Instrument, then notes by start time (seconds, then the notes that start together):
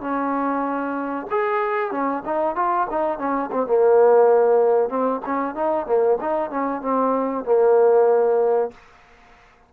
trombone
0.00 C#4
1.30 G#4
1.91 C#4
2.24 D#4
2.55 F4
2.90 D#4
3.18 C#4
3.51 C4
3.67 A#3
4.89 C4
5.25 C#4
5.54 D#4
5.86 A#3
6.20 D#4
6.50 C#4
6.81 C4
7.44 A#3